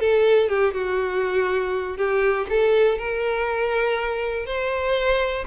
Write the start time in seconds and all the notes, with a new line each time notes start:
0.00 A4
0.49 G4
0.74 F#4
1.97 G4
2.50 A4
2.99 A#4
4.46 C5